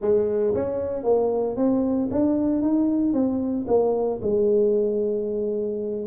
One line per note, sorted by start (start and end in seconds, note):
0.01 0.54 G#3
0.54 1.03 C#4
1.03 1.56 A#3
1.56 2.09 C4
2.11 2.61 D4
2.61 3.13 D#4
3.13 3.66 C4
3.67 4.20 A#3
4.22 6.06 G#3